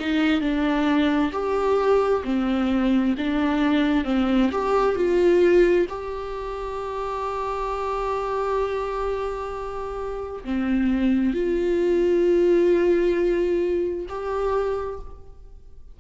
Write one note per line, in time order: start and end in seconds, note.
0.00 0.41 D#4
0.41 1.32 D4
1.33 2.24 G4
2.25 3.16 C4
3.18 4.05 D4
4.05 4.50 C4
4.52 4.96 G4
4.96 5.87 F4
5.90 10.44 G4
10.45 11.34 C4
11.34 14.07 F4
14.10 15.00 G4